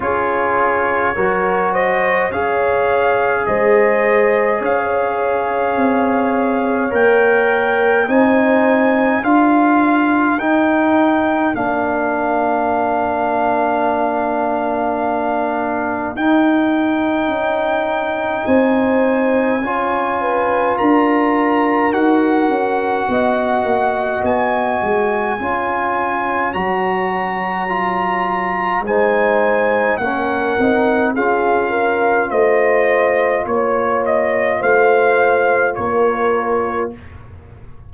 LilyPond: <<
  \new Staff \with { instrumentName = "trumpet" } { \time 4/4 \tempo 4 = 52 cis''4. dis''8 f''4 dis''4 | f''2 g''4 gis''4 | f''4 g''4 f''2~ | f''2 g''2 |
gis''2 ais''4 fis''4~ | fis''4 gis''2 ais''4~ | ais''4 gis''4 fis''4 f''4 | dis''4 cis''8 dis''8 f''4 cis''4 | }
  \new Staff \with { instrumentName = "horn" } { \time 4/4 gis'4 ais'8 c''8 cis''4 c''4 | cis''2. c''4 | ais'1~ | ais'1 |
c''4 cis''8 b'8 ais'2 | dis''2 cis''2~ | cis''4 c''4 ais'4 gis'8 ais'8 | c''4 cis''4 c''4 ais'4 | }
  \new Staff \with { instrumentName = "trombone" } { \time 4/4 f'4 fis'4 gis'2~ | gis'2 ais'4 dis'4 | f'4 dis'4 d'2~ | d'2 dis'2~ |
dis'4 f'2 fis'4~ | fis'2 f'4 fis'4 | f'4 dis'4 cis'8 dis'8 f'4~ | f'1 | }
  \new Staff \with { instrumentName = "tuba" } { \time 4/4 cis'4 fis4 cis'4 gis4 | cis'4 c'4 ais4 c'4 | d'4 dis'4 ais2~ | ais2 dis'4 cis'4 |
c'4 cis'4 d'4 dis'8 cis'8 | b8 ais8 b8 gis8 cis'4 fis4~ | fis4 gis4 ais8 c'8 cis'4 | a4 ais4 a4 ais4 | }
>>